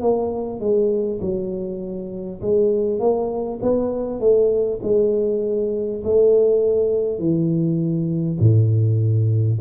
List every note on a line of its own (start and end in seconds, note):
0.00 0.59 A#3
0.59 1.19 G#3
1.20 2.40 F#3
2.41 2.99 G#3
2.99 3.59 A#3
3.62 4.20 B3
4.20 4.80 A3
4.82 6.02 G#3
6.04 7.18 A3
7.18 8.38 E3
8.39 9.59 A2